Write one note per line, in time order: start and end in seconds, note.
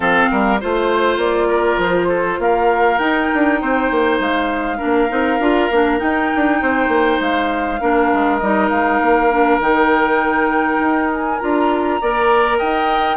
0.00 0.28 F3
0.00 0.59 C4
0.00 0.30 A4
0.00 0.60 F5
0.31 0.62 G3
0.31 0.60 A#4
0.60 1.17 A3
0.60 2.99 F4
0.60 1.48 C5
0.60 1.20 C5
1.17 1.77 A#3
1.17 1.80 D5
1.48 2.08 A#4
1.77 2.37 F3
1.77 2.41 C5
2.08 2.38 A4
2.38 2.98 A#3
2.38 3.61 A#4
2.38 2.98 F5
2.98 3.28 D#4
2.98 4.78 D#4
2.98 4.18 G5
3.34 3.62 D4
3.61 3.90 C4
3.61 4.77 C5
3.90 4.19 A#3
4.19 4.79 G#3
4.19 5.99 F5
4.77 5.08 D4
4.77 6.57 A#4
4.84 5.10 A#3
5.08 5.39 C4
5.08 5.38 D#4
5.39 5.69 D4
5.39 5.70 F4
5.71 6.00 A#3
5.71 5.98 D4
5.98 7.78 D#4
5.98 6.31 D#4
5.98 7.19 G5
6.35 6.61 D4
6.61 6.88 C4
6.61 7.80 C5
6.88 7.18 A#3
7.20 7.80 G#3
7.20 8.38 F5
7.80 8.12 A#3
7.80 8.40 D4
7.80 12.00 A#4
8.13 8.41 G#3
8.38 8.70 G3
8.38 9.30 D#4
8.38 8.68 D#5
8.69 9.00 G#3
8.69 9.59 F5
9.01 9.59 A#3
9.30 9.60 D4
9.59 10.79 D#3
9.59 11.40 D#4
9.59 11.11 G5
10.79 11.39 D#4
11.12 11.39 G#5
11.39 12.01 D4
11.39 12.00 F4
11.39 12.59 A#5
12.01 12.61 A#3
12.01 13.17 A#4
12.01 12.58 D5
12.58 13.17 D#4
12.58 13.17 D#5
12.58 13.17 G5